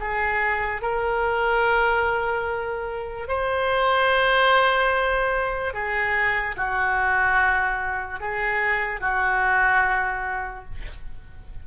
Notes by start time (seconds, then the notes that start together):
0.00 G#4
0.81 A#4
3.28 C5
5.73 G#4
6.56 F#4
8.20 G#4
9.00 F#4